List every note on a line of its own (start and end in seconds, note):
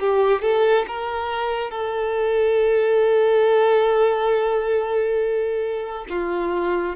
0.00 0.42 G4
0.42 0.86 A4
0.88 1.71 A#4
1.71 6.06 A4
6.10 6.96 F4